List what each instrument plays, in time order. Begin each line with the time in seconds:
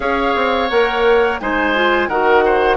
0.00 bassoon C#4, clarinet G#4, oboe C#5, flute F5
0.35 bassoon C4
0.69 bassoon A#3, clarinet A#4, flute F#5
1.39 bassoon G#3, clarinet D#4, oboe C5, flute G#5
1.74 clarinet F4
2.08 bassoon D#3, clarinet F#4, oboe A#4, flute F#5
2.45 oboe C5